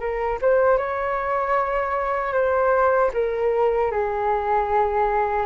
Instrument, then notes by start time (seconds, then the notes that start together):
flute
0.00 A#4
0.41 C5
0.78 C#5
2.33 C5
3.13 A#4
3.91 G#4